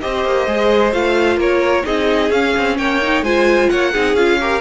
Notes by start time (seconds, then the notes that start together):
0.00 C4 G4 C5 D#5
0.24 A#3
0.47 G#3 G#4
0.92 A3 F4 F5
1.37 A#3 A#4 C#5
1.83 C4 D#4 G#4 D#5
2.30 C#4 F5
2.57 C4
2.78 A#3 C#5 G5
3.02 D#4
3.22 G#3 F4 C5 G#5
3.69 A#3 C#5 F#5
3.92 C4 D#4 G#4
4.14 C#4 F4 F5
4.40 G4 A#4